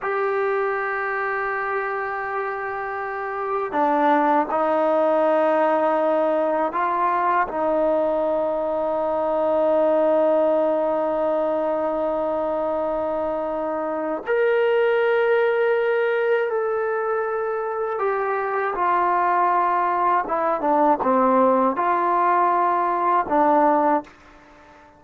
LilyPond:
\new Staff \with { instrumentName = "trombone" } { \time 4/4 \tempo 4 = 80 g'1~ | g'4 d'4 dis'2~ | dis'4 f'4 dis'2~ | dis'1~ |
dis'2. ais'4~ | ais'2 a'2 | g'4 f'2 e'8 d'8 | c'4 f'2 d'4 | }